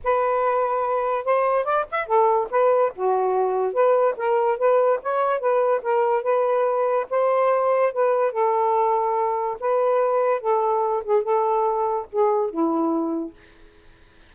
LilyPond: \new Staff \with { instrumentName = "saxophone" } { \time 4/4 \tempo 4 = 144 b'2. c''4 | d''8 e''8 a'4 b'4 fis'4~ | fis'4 b'4 ais'4 b'4 | cis''4 b'4 ais'4 b'4~ |
b'4 c''2 b'4 | a'2. b'4~ | b'4 a'4. gis'8 a'4~ | a'4 gis'4 e'2 | }